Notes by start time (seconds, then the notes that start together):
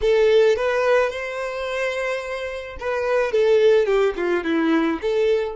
0.01 A4
0.56 B4
1.10 C5
2.79 B4
3.32 A4
3.86 G4
4.16 F4
4.43 E4
5.01 A4